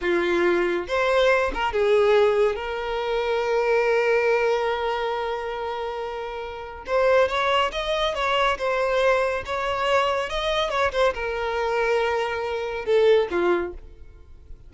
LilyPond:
\new Staff \with { instrumentName = "violin" } { \time 4/4 \tempo 4 = 140 f'2 c''4. ais'8 | gis'2 ais'2~ | ais'1~ | ais'1 |
c''4 cis''4 dis''4 cis''4 | c''2 cis''2 | dis''4 cis''8 c''8 ais'2~ | ais'2 a'4 f'4 | }